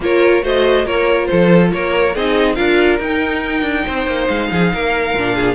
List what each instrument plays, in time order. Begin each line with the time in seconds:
0.00 cello A#3, viola F4, violin A#4 C#5
0.42 cello A3, viola F#4, violin C5 D#5
0.84 cello A#3, viola F4, violin A#4 C#5
1.26 cello F3, violin A4 C5
1.72 cello A#3, violin A#4 C#5
2.15 cello C4, viola D#4, violin G#4 D#5
2.54 cello D4, viola F4, violin A#4 F5
2.99 cello D#4, viola D#4, violin G5
3.62 cello D4
3.85 cello C4, violin C5
4.06 cello A#3
4.27 cello G#3, violin F5
4.51 cello F3, violin G#4
4.73 cello A#3, violin A#4
5.13 cello A#2, viola D4
5.35 violin G#4